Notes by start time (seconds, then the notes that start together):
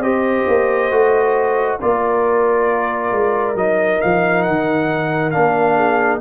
0.00 C4 G4 C5 D#5
0.48 A#3
0.91 A3 F#4
1.81 A#3 F4 A#4 D5
3.12 G#3
3.55 F#3 D#4 D#5
4.01 F3 F5
4.42 D#3 F#5
5.31 A#3 D4 F5
5.76 G#4